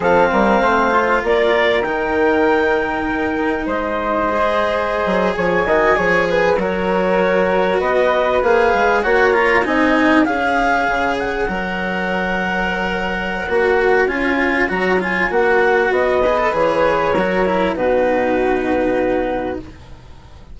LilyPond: <<
  \new Staff \with { instrumentName = "clarinet" } { \time 4/4 \tempo 4 = 98 f''2 d''4 g''4~ | g''2 dis''2~ | dis''8. gis''2 cis''4~ cis''16~ | cis''8. dis''4 f''4 fis''8 ais''8 gis''16~ |
gis''8. f''4. fis''4.~ fis''16~ | fis''2. gis''4 | ais''8 gis''8 fis''4 dis''4 cis''4~ | cis''4 b'2. | }
  \new Staff \with { instrumentName = "flute" } { \time 4/4 a'8 ais'8 c''4 ais'2~ | ais'2 c''2~ | c''8. cis''8 dis''8 cis''8 b'8 ais'4~ ais'16~ | ais'8. b'2 cis''4 dis''16~ |
dis''8. cis''2.~ cis''16~ | cis''1~ | cis''2~ cis''8 b'4. | ais'4 fis'2. | }
  \new Staff \with { instrumentName = "cello" } { \time 4/4 c'4. f'4. dis'4~ | dis'2. gis'4~ | gis'4~ gis'16 fis'8 gis'4 fis'4~ fis'16~ | fis'4.~ fis'16 gis'4 fis'8 f'8 dis'16~ |
dis'8. gis'2 ais'4~ ais'16~ | ais'2 fis'4 f'4 | fis'8 f'8 fis'4. gis'16 a'16 gis'4 | fis'8 e'8 dis'2. | }
  \new Staff \with { instrumentName = "bassoon" } { \time 4/4 f8 g8 a4 ais4 dis4~ | dis2 gis2~ | gis16 fis8 f8 dis8 f4 fis4~ fis16~ | fis8. b4 ais8 gis8 ais4 c'16~ |
c'8. cis'4 cis4 fis4~ fis16~ | fis2 ais4 cis'4 | fis4 ais4 b4 e4 | fis4 b,2. | }
>>